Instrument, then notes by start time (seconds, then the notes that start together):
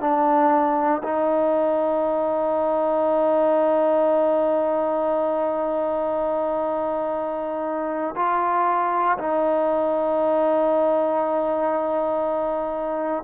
trombone
0.00 D4
1.03 D#4
8.15 F4
9.18 D#4